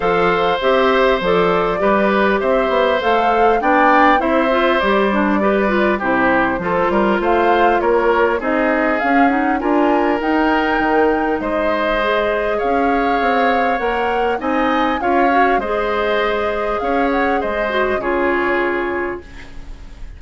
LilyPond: <<
  \new Staff \with { instrumentName = "flute" } { \time 4/4 \tempo 4 = 100 f''4 e''4 d''2 | e''4 f''4 g''4 e''4 | d''2 c''2 | f''4 cis''4 dis''4 f''8 fis''8 |
gis''4 g''2 dis''4~ | dis''4 f''2 fis''4 | gis''4 f''4 dis''2 | f''8 fis''8 dis''4 cis''2 | }
  \new Staff \with { instrumentName = "oboe" } { \time 4/4 c''2. b'4 | c''2 d''4 c''4~ | c''4 b'4 g'4 a'8 ais'8 | c''4 ais'4 gis'2 |
ais'2. c''4~ | c''4 cis''2. | dis''4 cis''4 c''2 | cis''4 c''4 gis'2 | }
  \new Staff \with { instrumentName = "clarinet" } { \time 4/4 a'4 g'4 a'4 g'4~ | g'4 a'4 d'4 e'8 f'8 | g'8 d'8 g'8 f'8 e'4 f'4~ | f'2 dis'4 cis'8 dis'8 |
f'4 dis'2. | gis'2. ais'4 | dis'4 f'8 fis'8 gis'2~ | gis'4. fis'8 f'2 | }
  \new Staff \with { instrumentName = "bassoon" } { \time 4/4 f4 c'4 f4 g4 | c'8 b8 a4 b4 c'4 | g2 c4 f8 g8 | a4 ais4 c'4 cis'4 |
d'4 dis'4 dis4 gis4~ | gis4 cis'4 c'4 ais4 | c'4 cis'4 gis2 | cis'4 gis4 cis2 | }
>>